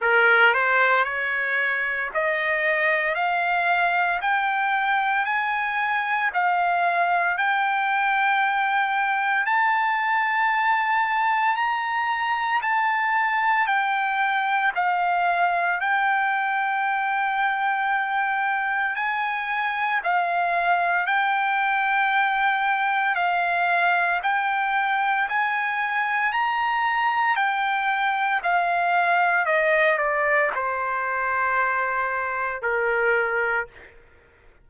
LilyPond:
\new Staff \with { instrumentName = "trumpet" } { \time 4/4 \tempo 4 = 57 ais'8 c''8 cis''4 dis''4 f''4 | g''4 gis''4 f''4 g''4~ | g''4 a''2 ais''4 | a''4 g''4 f''4 g''4~ |
g''2 gis''4 f''4 | g''2 f''4 g''4 | gis''4 ais''4 g''4 f''4 | dis''8 d''8 c''2 ais'4 | }